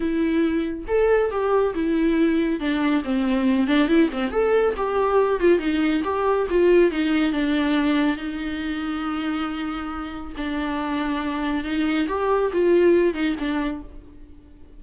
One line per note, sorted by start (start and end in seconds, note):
0.00 0.85 E4
0.87 1.30 A4
1.31 1.74 G4
1.74 2.59 E4
2.59 3.03 D4
3.04 3.67 C4
3.67 3.88 D4
3.88 4.09 E4
4.12 4.31 C4
4.31 4.74 A4
4.76 5.40 G4
5.40 5.58 F4
5.58 6.02 D#4
6.04 6.47 G4
6.50 6.91 F4
6.91 7.32 D#4
7.32 8.16 D4
8.16 10.32 D#4
10.37 11.63 D4
11.63 12.07 D#4
12.08 12.51 G4
12.52 13.13 F4
13.13 13.35 D#4
13.39 13.82 D4